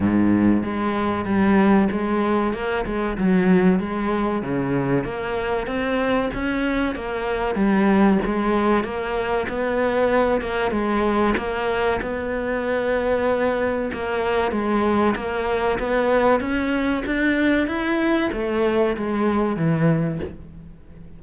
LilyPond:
\new Staff \with { instrumentName = "cello" } { \time 4/4 \tempo 4 = 95 gis,4 gis4 g4 gis4 | ais8 gis8 fis4 gis4 cis4 | ais4 c'4 cis'4 ais4 | g4 gis4 ais4 b4~ |
b8 ais8 gis4 ais4 b4~ | b2 ais4 gis4 | ais4 b4 cis'4 d'4 | e'4 a4 gis4 e4 | }